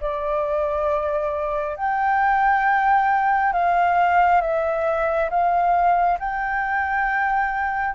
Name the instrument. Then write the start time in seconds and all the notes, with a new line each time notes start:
flute
0.00 D5
1.76 G5
3.53 F5
4.41 E5
5.30 F5
6.19 G5